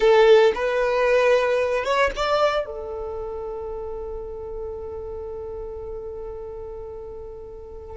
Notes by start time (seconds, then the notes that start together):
0.00 A4
0.54 B4
1.84 C#5
2.16 D5
2.65 A4